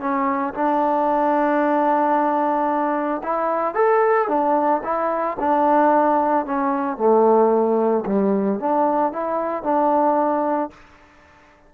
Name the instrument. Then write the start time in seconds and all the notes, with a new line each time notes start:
trombone
0.00 C#4
0.54 D4
3.23 E4
3.75 A4
4.28 D4
4.83 E4
5.39 D4
6.46 C#4
6.97 A3
8.06 G3
8.59 D4
9.12 E4
9.63 D4